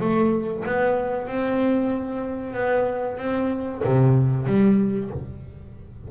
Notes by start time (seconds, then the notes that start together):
0.00 A3
0.66 B3
1.27 C4
2.54 B3
3.18 C4
3.84 C3
4.46 G3